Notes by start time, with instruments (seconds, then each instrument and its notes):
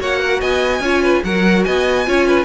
0.00 cello A#3, viola F#4, violin C#5 F#5
0.20 violin A#4
0.41 cello B3, violin D#5 G#5
0.80 cello C#4, viola F4, violin C#5
1.03 violin B4
1.24 cello F#3, viola F#4, violin A#4 F#5
1.64 cello B3, violin D#5 G#5
2.06 cello C#4, viola F4, violin C#5
2.27 violin B4